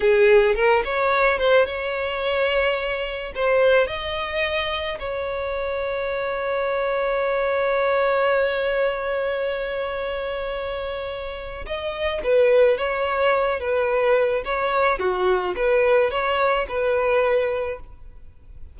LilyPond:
\new Staff \with { instrumentName = "violin" } { \time 4/4 \tempo 4 = 108 gis'4 ais'8 cis''4 c''8 cis''4~ | cis''2 c''4 dis''4~ | dis''4 cis''2.~ | cis''1~ |
cis''1~ | cis''4 dis''4 b'4 cis''4~ | cis''8 b'4. cis''4 fis'4 | b'4 cis''4 b'2 | }